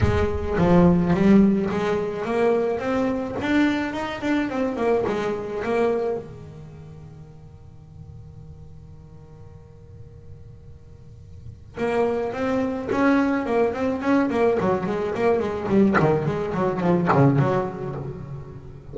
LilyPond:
\new Staff \with { instrumentName = "double bass" } { \time 4/4 \tempo 4 = 107 gis4 f4 g4 gis4 | ais4 c'4 d'4 dis'8 d'8 | c'8 ais8 gis4 ais4 dis4~ | dis1~ |
dis1~ | dis4 ais4 c'4 cis'4 | ais8 c'8 cis'8 ais8 fis8 gis8 ais8 gis8 | g8 dis8 gis8 fis8 f8 cis8 fis4 | }